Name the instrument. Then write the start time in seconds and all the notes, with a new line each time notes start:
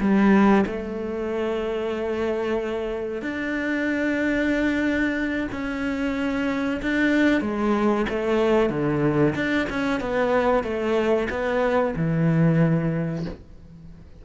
cello
0.00 G3
0.66 A3
3.21 D4
5.52 C#4
6.82 D4
7.41 G#3
8.09 A3
8.69 D3
9.35 D4
9.69 C#4
10.00 B3
10.63 A3
11.30 B3
11.96 E3